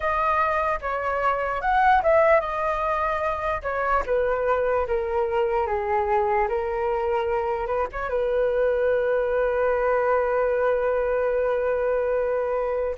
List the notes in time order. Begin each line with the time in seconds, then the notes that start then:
0.00 D#5
0.81 C#5
1.61 F#5
2.02 E5
2.40 D#5
3.62 C#5
4.05 B4
4.87 A#4
5.66 G#4
6.48 A#4
7.66 B4
7.92 C#5
8.09 B4